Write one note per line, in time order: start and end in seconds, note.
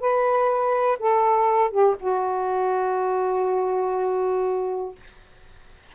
0.00 0.98 B4
0.99 1.71 A4
1.71 1.95 G4
2.00 4.95 F#4